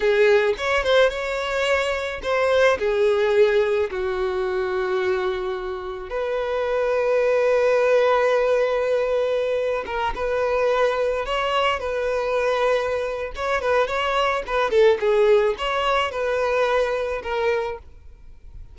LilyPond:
\new Staff \with { instrumentName = "violin" } { \time 4/4 \tempo 4 = 108 gis'4 cis''8 c''8 cis''2 | c''4 gis'2 fis'4~ | fis'2. b'4~ | b'1~ |
b'4.~ b'16 ais'8 b'4.~ b'16~ | b'16 cis''4 b'2~ b'8. | cis''8 b'8 cis''4 b'8 a'8 gis'4 | cis''4 b'2 ais'4 | }